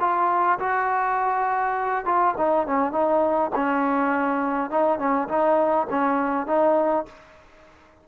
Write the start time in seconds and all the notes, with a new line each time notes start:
0.00 F4
0.59 F#4
2.05 F4
2.37 D#4
2.67 C#4
2.92 D#4
3.55 C#4
4.70 D#4
4.99 C#4
5.28 D#4
5.90 C#4
6.47 D#4